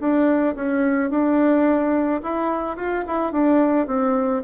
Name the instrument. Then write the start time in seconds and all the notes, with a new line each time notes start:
bassoon
0.00 D4
0.56 C#4
1.10 D4
2.23 E4
2.77 F4
3.07 E4
3.33 D4
3.87 C4